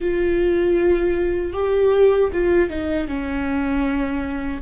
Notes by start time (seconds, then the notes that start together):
0.00 F4
1.53 G4
2.32 F4
2.69 D#4
3.07 C#4